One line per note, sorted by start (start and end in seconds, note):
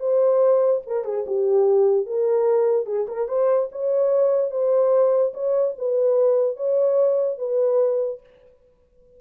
0.00 0.82 C5
0.87 1.05 A#4
1.05 1.25 G#4
1.27 2.06 G4
2.06 2.86 A#4
2.86 3.07 G#4
3.08 3.28 A#4
3.28 3.69 C5
3.72 4.51 C#5
4.51 5.33 C5
5.34 5.75 C#5
5.78 6.57 B4
6.57 7.38 C#5
7.39 8.20 B4